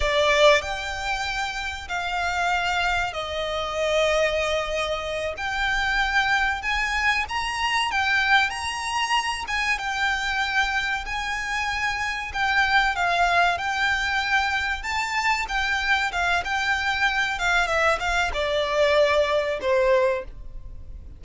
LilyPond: \new Staff \with { instrumentName = "violin" } { \time 4/4 \tempo 4 = 95 d''4 g''2 f''4~ | f''4 dis''2.~ | dis''8 g''2 gis''4 ais''8~ | ais''8 g''4 ais''4. gis''8 g''8~ |
g''4. gis''2 g''8~ | g''8 f''4 g''2 a''8~ | a''8 g''4 f''8 g''4. f''8 | e''8 f''8 d''2 c''4 | }